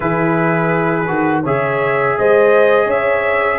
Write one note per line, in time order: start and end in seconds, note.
0.00 1.08 E3
0.00 1.05 E4
0.00 1.42 G#4
0.00 1.44 B4
1.07 1.44 D#3
1.07 1.43 F#4
1.42 2.17 C#3
1.42 3.59 G#4
1.42 2.15 C#5
1.42 2.18 E5
2.18 2.86 G#3
2.18 2.86 C5
2.18 2.90 D#5
2.86 3.58 C#4
2.86 3.58 C#5
2.86 3.59 E5